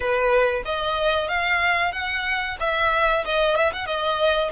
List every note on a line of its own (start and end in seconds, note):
0.00 0.62 B4
0.65 1.28 D#5
1.28 1.92 F5
1.92 2.56 F#5
2.60 3.24 E5
3.25 3.56 D#5
3.56 3.72 E5
3.72 3.86 F#5
3.86 4.50 D#5